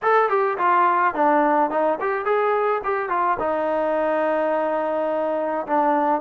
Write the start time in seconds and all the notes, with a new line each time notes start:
0.02 A4
0.29 G4
0.58 F4
1.14 D4
1.70 D#4
2.00 G4
2.25 G#4
2.84 G4
3.09 F4
3.39 D#4
5.66 D4